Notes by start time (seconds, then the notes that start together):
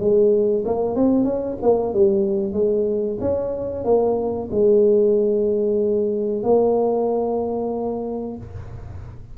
0.00 G#3
0.66 A#3
0.96 C4
1.25 C#4
1.62 A#3
1.94 G3
2.53 G#3
3.21 C#4
3.85 A#3
4.52 G#3
6.44 A#3